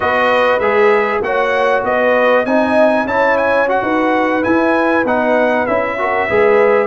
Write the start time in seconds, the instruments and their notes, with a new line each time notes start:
0.00 tuba B3, trombone F#4, horn B4, trumpet D#5
0.59 tuba G#3, trombone G#4, trumpet E5
1.21 tuba A#3, trombone F#4, horn C#5, trumpet F#5
1.84 tuba B3, horn B4, trumpet D#5
2.45 tuba C4, trombone D#4, horn D#5, trumpet G#5
3.04 tuba C#4, trombone E4, horn C#5, trumpet A5
3.37 trumpet G#5
3.67 trombone F#4, trumpet F#5
3.82 tuba D#4, horn B4
4.42 trombone E4, tuba E4, trumpet G#5
5.04 tuba B3, trombone D#4, trumpet F#5
5.66 tuba C#4, trombone E4, trumpet E5
5.98 trombone F#4, horn A#4
6.26 tuba G#3, trombone G#4, horn B4